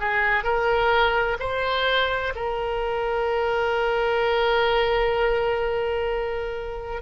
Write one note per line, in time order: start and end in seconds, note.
0.00 0.44 G#4
0.44 1.38 A#4
1.40 2.34 C5
2.36 7.02 A#4